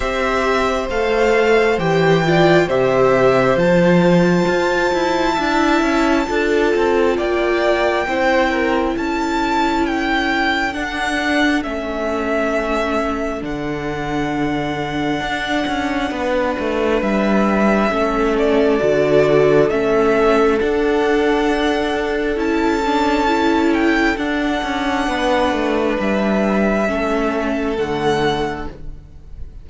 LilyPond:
<<
  \new Staff \with { instrumentName = "violin" } { \time 4/4 \tempo 4 = 67 e''4 f''4 g''4 e''4 | a''1 | g''2 a''4 g''4 | fis''4 e''2 fis''4~ |
fis''2. e''4~ | e''8 d''4. e''4 fis''4~ | fis''4 a''4. g''8 fis''4~ | fis''4 e''2 fis''4 | }
  \new Staff \with { instrumentName = "violin" } { \time 4/4 c''2~ c''8 d''8 c''4~ | c''2 e''4 a'4 | d''4 c''8 ais'8 a'2~ | a'1~ |
a'2 b'2 | a'1~ | a'1 | b'2 a'2 | }
  \new Staff \with { instrumentName = "viola" } { \time 4/4 g'4 a'4 g'8 f'8 g'4 | f'2 e'4 f'4~ | f'4 e'2. | d'4 cis'2 d'4~ |
d'1 | cis'4 fis'4 cis'4 d'4~ | d'4 e'8 d'8 e'4 d'4~ | d'2 cis'4 a4 | }
  \new Staff \with { instrumentName = "cello" } { \time 4/4 c'4 a4 e4 c4 | f4 f'8 e'8 d'8 cis'8 d'8 c'8 | ais4 c'4 cis'2 | d'4 a2 d4~ |
d4 d'8 cis'8 b8 a8 g4 | a4 d4 a4 d'4~ | d'4 cis'2 d'8 cis'8 | b8 a8 g4 a4 d4 | }
>>